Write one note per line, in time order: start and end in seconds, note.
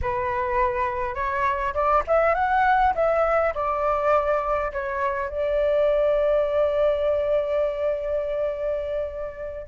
0.01 1.14 B4
1.14 1.73 C#5
1.74 2.03 D5
2.07 2.34 E5
2.34 2.93 F#5
2.94 3.53 E5
3.54 4.72 D5
4.72 5.29 C#5
5.29 9.67 D5